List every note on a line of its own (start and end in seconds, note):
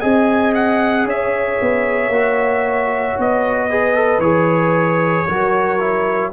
0.00 1.05 C4
0.00 2.12 G#4
0.00 1.05 D#5
0.00 0.53 G#5
0.54 1.07 F#5
1.05 1.58 C#4
1.05 3.69 C#5
1.05 3.20 E5
1.61 2.09 B3
2.09 3.14 A#3
2.09 3.70 F#4
3.19 4.19 B3
3.19 4.20 D#5
3.69 3.95 G#4
3.69 5.27 B4
3.95 4.21 A4
4.19 5.24 E3
4.19 5.28 G#4
4.19 6.31 C#5
5.28 6.33 F#3
5.28 5.80 F#4
5.28 6.33 A#4
5.80 6.32 E4